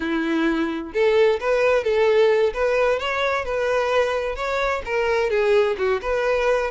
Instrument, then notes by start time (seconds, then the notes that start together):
violin
0.00 E4
0.93 A4
1.40 B4
1.83 A4
2.53 B4
2.99 C#5
3.44 B4
4.35 C#5
4.85 A#4
5.30 G#4
5.77 F#4
6.01 B4